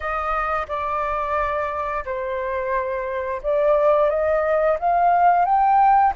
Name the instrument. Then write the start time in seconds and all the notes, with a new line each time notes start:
flute
0.00 D#5
0.68 D5
2.05 C5
3.42 D5
4.09 D#5
4.79 F5
5.45 G5